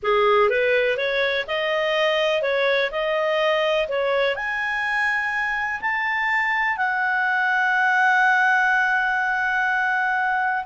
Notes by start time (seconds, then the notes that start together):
0.02 G#4
0.49 B4
0.97 C#5
1.47 D#5
2.42 C#5
2.91 D#5
3.88 C#5
4.35 G#5
5.81 A5
6.77 F#5